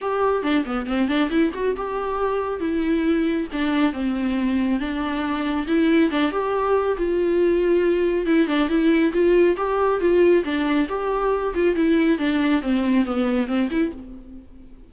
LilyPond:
\new Staff \with { instrumentName = "viola" } { \time 4/4 \tempo 4 = 138 g'4 d'8 b8 c'8 d'8 e'8 fis'8 | g'2 e'2 | d'4 c'2 d'4~ | d'4 e'4 d'8 g'4. |
f'2. e'8 d'8 | e'4 f'4 g'4 f'4 | d'4 g'4. f'8 e'4 | d'4 c'4 b4 c'8 e'8 | }